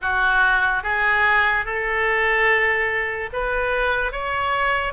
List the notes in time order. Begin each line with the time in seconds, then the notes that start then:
0.01 F#4
0.83 G#4
1.65 A4
3.33 B4
4.11 C#5